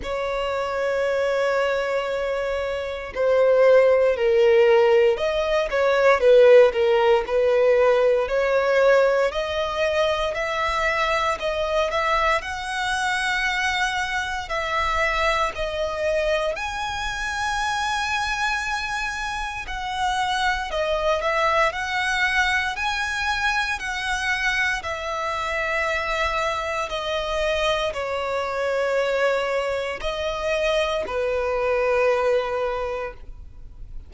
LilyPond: \new Staff \with { instrumentName = "violin" } { \time 4/4 \tempo 4 = 58 cis''2. c''4 | ais'4 dis''8 cis''8 b'8 ais'8 b'4 | cis''4 dis''4 e''4 dis''8 e''8 | fis''2 e''4 dis''4 |
gis''2. fis''4 | dis''8 e''8 fis''4 gis''4 fis''4 | e''2 dis''4 cis''4~ | cis''4 dis''4 b'2 | }